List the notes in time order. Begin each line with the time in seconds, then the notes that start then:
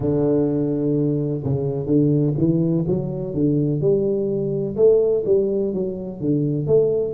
0.00 D3
1.43 C#3
1.86 D3
2.37 E3
2.87 F#3
3.34 D3
3.81 G3
4.76 A3
5.26 G3
5.73 F#3
6.20 D3
6.67 A3